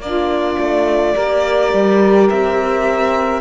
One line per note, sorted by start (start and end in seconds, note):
0.00 0.57 A#3
0.00 1.16 D4
0.00 1.15 F4
0.00 2.28 D5
0.58 1.15 A3
1.15 1.73 A#3
1.15 3.41 G4
1.15 3.41 A#4
1.73 2.30 G3
2.29 3.41 C4
2.29 3.41 E5